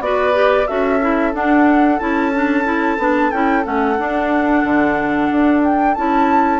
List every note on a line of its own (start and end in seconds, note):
0.00 0.66 B3
0.00 0.33 F#4
0.00 0.68 B4
0.00 0.67 D5
0.33 0.66 G4
0.67 1.34 C#4
0.67 1.00 F#4
0.67 6.60 A4
0.67 1.33 E5
1.01 1.33 E4
1.33 1.99 D4
1.33 2.00 D4
1.33 1.99 F#5
1.99 2.98 C#4
1.99 2.32 E4
1.99 3.31 A5
2.34 2.64 D4
2.64 2.97 E4
2.98 3.31 B3
2.98 3.32 D4
3.31 3.64 C#4
3.31 3.63 E4
3.31 3.64 G5
3.63 3.98 A3
3.63 3.96 C#4
3.63 5.63 F#5
3.98 4.64 D4
3.98 5.96 D4
4.64 5.30 D3
5.31 5.97 D4
5.63 5.94 G5
5.94 6.60 C#4
5.94 6.60 E4
5.94 6.60 A5